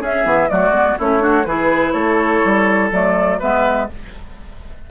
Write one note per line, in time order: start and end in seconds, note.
0.00 0.24 C#4
0.00 0.48 G#4
0.00 0.49 E5
0.24 0.49 E3
0.24 0.48 B3
0.49 0.69 F#3
0.49 0.73 A3
0.49 0.98 F#4
0.49 0.97 D5
0.69 0.93 G#3
0.69 0.97 B3
0.98 1.45 A3
0.98 1.19 C#4
0.98 1.22 E4
0.98 1.45 C#5
1.19 1.43 D4
1.19 1.46 F#4
1.45 1.93 E3
1.45 2.91 E4
1.45 1.93 G#4
1.45 1.92 B4
1.92 2.41 A3
1.92 3.38 A4
1.92 2.89 C#5
2.44 2.91 G3
2.91 3.39 F#3
2.91 3.40 A3
2.91 3.40 D5
3.39 3.90 G#3
3.39 3.89 B3
3.39 3.87 B4
3.39 3.89 E5